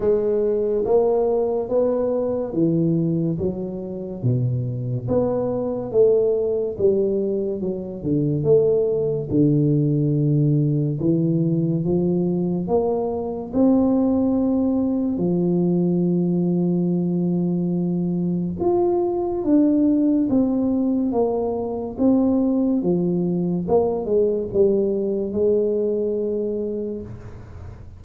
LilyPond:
\new Staff \with { instrumentName = "tuba" } { \time 4/4 \tempo 4 = 71 gis4 ais4 b4 e4 | fis4 b,4 b4 a4 | g4 fis8 d8 a4 d4~ | d4 e4 f4 ais4 |
c'2 f2~ | f2 f'4 d'4 | c'4 ais4 c'4 f4 | ais8 gis8 g4 gis2 | }